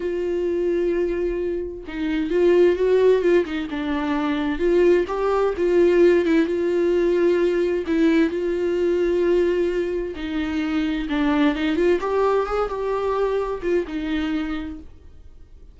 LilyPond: \new Staff \with { instrumentName = "viola" } { \time 4/4 \tempo 4 = 130 f'1 | dis'4 f'4 fis'4 f'8 dis'8 | d'2 f'4 g'4 | f'4. e'8 f'2~ |
f'4 e'4 f'2~ | f'2 dis'2 | d'4 dis'8 f'8 g'4 gis'8 g'8~ | g'4. f'8 dis'2 | }